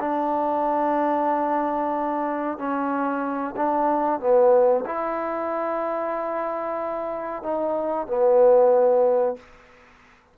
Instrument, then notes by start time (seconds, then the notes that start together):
trombone
0.00 D4
2.58 C#4
3.57 D4
4.20 B3
4.86 E4
7.43 D#4
8.07 B3